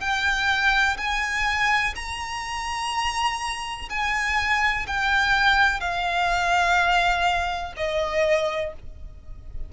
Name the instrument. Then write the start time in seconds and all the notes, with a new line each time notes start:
violin
0.00 G5
0.97 G#5
1.95 A#5
3.89 G#5
4.87 G5
5.80 F5
7.76 D#5